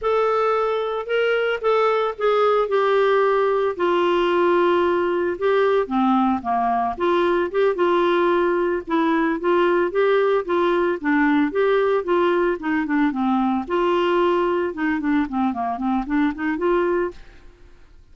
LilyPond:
\new Staff \with { instrumentName = "clarinet" } { \time 4/4 \tempo 4 = 112 a'2 ais'4 a'4 | gis'4 g'2 f'4~ | f'2 g'4 c'4 | ais4 f'4 g'8 f'4.~ |
f'8 e'4 f'4 g'4 f'8~ | f'8 d'4 g'4 f'4 dis'8 | d'8 c'4 f'2 dis'8 | d'8 c'8 ais8 c'8 d'8 dis'8 f'4 | }